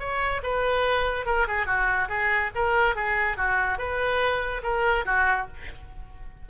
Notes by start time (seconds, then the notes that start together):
0.00 C#5
0.44 B4
1.26 A#4
1.48 G#4
1.67 F#4
2.09 G#4
2.56 A#4
2.96 G#4
3.38 F#4
3.79 B4
4.63 A#4
5.06 F#4